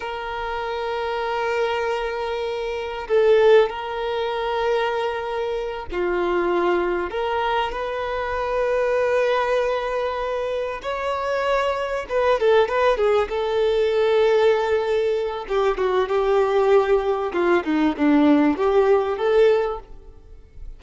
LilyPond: \new Staff \with { instrumentName = "violin" } { \time 4/4 \tempo 4 = 97 ais'1~ | ais'4 a'4 ais'2~ | ais'4. f'2 ais'8~ | ais'8 b'2.~ b'8~ |
b'4. cis''2 b'8 | a'8 b'8 gis'8 a'2~ a'8~ | a'4 g'8 fis'8 g'2 | f'8 dis'8 d'4 g'4 a'4 | }